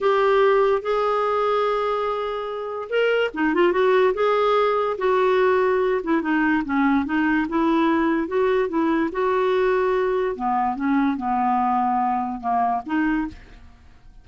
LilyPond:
\new Staff \with { instrumentName = "clarinet" } { \time 4/4 \tempo 4 = 145 g'2 gis'2~ | gis'2. ais'4 | dis'8 f'8 fis'4 gis'2 | fis'2~ fis'8 e'8 dis'4 |
cis'4 dis'4 e'2 | fis'4 e'4 fis'2~ | fis'4 b4 cis'4 b4~ | b2 ais4 dis'4 | }